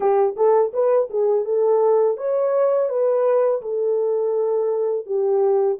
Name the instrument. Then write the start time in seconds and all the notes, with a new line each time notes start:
horn
0.00 G4
0.36 A4
0.73 B4
1.10 G#4
1.45 A4
2.17 C#5
2.89 B4
3.61 A4
5.05 G4